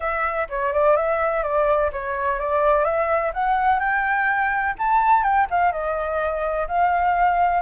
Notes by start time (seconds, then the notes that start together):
0.00 E5
0.49 C#5
0.73 D5
0.96 E5
1.43 D5
1.92 C#5
2.39 D5
2.84 E5
3.33 F#5
3.79 G5
4.78 A5
5.23 G5
5.50 F5
5.72 D#5
6.67 F5